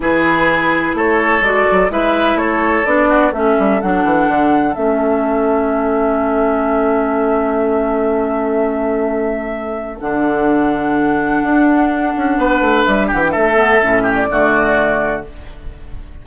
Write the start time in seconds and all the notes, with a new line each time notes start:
0.00 E3 E4 G#4 B4
0.93 A3 A4 C#5
1.40 G#3 F#4 D5
1.71 F#3
1.89 G#3 E4 B4 E5
2.35 A3 A4 C#5
2.85 B3 D4 D5
3.09 F#4
3.32 A3 C#4 A4 E5
3.58 G3
3.81 F#3 D4 F#5
4.04 E3
4.27 D3
4.74 A3 C#4 E5
10.00 D3 D4 F#5
11.43 D4
12.16 C#4
12.37 B3 B4
12.60 A3
12.85 G3 E5
13.07 G4 F#5
13.13 E3
13.20 G5
13.31 A3 A4 E5
13.55 B3
13.81 A2 C#4
14.03 G4
14.14 D5
14.28 D3 A3 F#4